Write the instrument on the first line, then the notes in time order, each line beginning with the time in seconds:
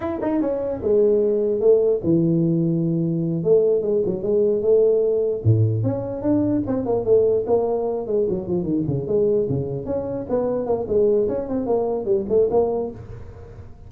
tuba
0.00 E4
0.21 D#4
0.41 C#4
0.82 G#3
1.60 A3
2.03 E3
3.43 A3
3.82 G#3
4.05 F#3
4.22 G#3
4.61 A3
5.43 A2
5.83 C#4
6.22 D4
6.66 C4
6.85 A#3
7.05 A3
7.46 A#3
8.06 G#3
8.29 F#3
8.47 F3
8.63 D#3
8.87 C#3
9.07 G#3
9.49 C#3
9.85 C#4
10.29 B3
10.65 A#3
10.87 G#3
11.28 C#4
11.48 C4
11.66 A#3
12.05 G3
12.28 A3
12.50 A#3